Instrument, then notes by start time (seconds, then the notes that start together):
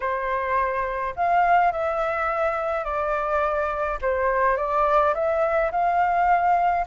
flute
0.00 C5
1.16 F5
1.71 E5
2.84 D5
4.01 C5
4.56 D5
5.14 E5
5.71 F5